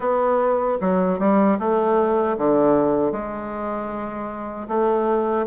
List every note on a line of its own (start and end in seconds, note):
0.00 0.78 B3
0.80 1.19 F#3
1.19 1.58 G3
1.59 2.37 A3
2.37 3.12 D3
3.12 4.68 G#3
4.68 5.45 A3